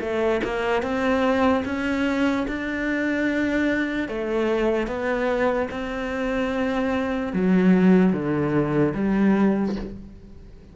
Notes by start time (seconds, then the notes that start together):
0.00 A3
0.44 A#3
0.82 C4
1.65 C#4
2.48 D4
4.08 A3
4.87 B3
5.71 C4
7.33 F#3
8.13 D3
8.94 G3